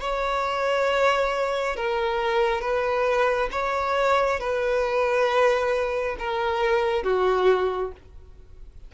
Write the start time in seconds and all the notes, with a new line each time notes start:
0.00 C#5
1.76 A#4
2.61 B4
3.51 C#5
4.40 B4
6.18 A#4
7.03 F#4